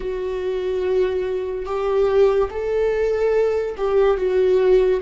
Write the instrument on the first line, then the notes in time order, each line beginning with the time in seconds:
viola
0.00 F#4
1.65 G4
2.50 A4
3.77 G4
4.17 F#4